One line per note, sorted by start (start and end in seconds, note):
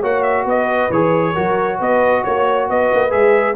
0.00 0.45 A#3
0.00 0.91 F#4
0.00 0.44 C#5
0.00 0.22 F#5
0.22 0.44 E5
0.45 0.89 B3
0.45 1.33 B4
0.45 0.91 D#5
0.90 1.34 E3
0.90 1.35 G#4
0.90 1.80 C#5
1.33 1.80 F#3
1.33 3.10 F#4
1.33 1.77 A#4
1.78 2.24 B3
1.78 2.22 B4
1.78 2.24 D#5
2.24 2.69 A#3
2.24 2.68 C#5
2.68 2.91 B3
2.68 3.56 B4
2.68 3.11 D#5
2.93 3.12 A#3
3.10 3.56 G#3
3.10 3.54 G#4
3.10 3.55 E5